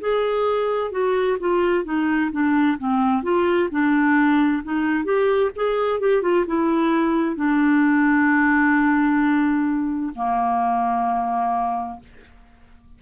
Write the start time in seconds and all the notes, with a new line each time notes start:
0.00 G#4
0.91 F#4
1.39 F4
1.84 D#4
2.31 D4
2.78 C4
3.23 F4
3.70 D4
4.63 D#4
5.04 G4
5.55 G#4
6.00 G4
6.22 F4
6.47 E4
7.36 D4
10.15 A#3